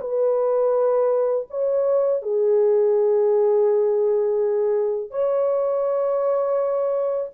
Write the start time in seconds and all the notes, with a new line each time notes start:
0.00 B4
1.50 C#5
2.22 G#4
5.10 C#5